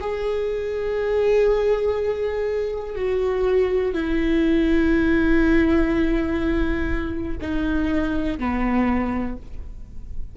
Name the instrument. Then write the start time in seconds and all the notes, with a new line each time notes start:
viola
0.00 G#4
2.95 F#4
3.93 E4
7.41 D#4
8.38 B3